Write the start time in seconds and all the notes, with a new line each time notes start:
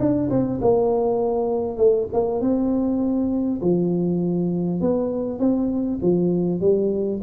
0.00 D4
0.31 C4
0.62 A#3
1.78 A3
2.14 A#3
2.41 C4
3.62 F3
4.81 B3
5.40 C4
6.02 F3
6.61 G3